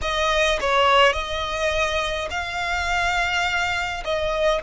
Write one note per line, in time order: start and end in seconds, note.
0.01 0.59 D#5
0.60 1.12 C#5
1.12 2.28 D#5
2.30 4.03 F5
4.04 4.62 D#5